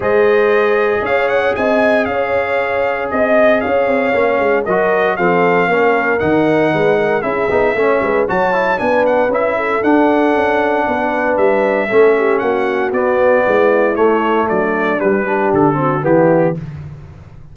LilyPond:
<<
  \new Staff \with { instrumentName = "trumpet" } { \time 4/4 \tempo 4 = 116 dis''2 f''8 fis''8 gis''4 | f''2 dis''4 f''4~ | f''4 dis''4 f''2 | fis''2 e''2 |
a''4 gis''8 fis''8 e''4 fis''4~ | fis''2 e''2 | fis''4 d''2 cis''4 | d''4 b'4 a'4 g'4 | }
  \new Staff \with { instrumentName = "horn" } { \time 4/4 c''2 cis''4 dis''4 | cis''2 dis''4 cis''4~ | cis''4 ais'4 a'4 ais'4~ | ais'4 b'8 ais'8 gis'4 cis''8 b'8 |
cis''4 b'4. a'4.~ | a'4 b'2 a'8 g'8 | fis'2 e'2 | d'4. g'4 fis'8 e'4 | }
  \new Staff \with { instrumentName = "trombone" } { \time 4/4 gis'1~ | gis'1 | cis'4 fis'4 c'4 cis'4 | dis'2 e'8 dis'8 cis'4 |
fis'8 e'8 d'4 e'4 d'4~ | d'2. cis'4~ | cis'4 b2 a4~ | a4 g8 d'4 c'8 b4 | }
  \new Staff \with { instrumentName = "tuba" } { \time 4/4 gis2 cis'4 c'4 | cis'2 c'4 cis'8 c'8 | ais8 gis8 fis4 f4 ais4 | dis4 gis4 cis'8 b8 a8 gis8 |
fis4 b4 cis'4 d'4 | cis'4 b4 g4 a4 | ais4 b4 gis4 a4 | fis4 g4 d4 e4 | }
>>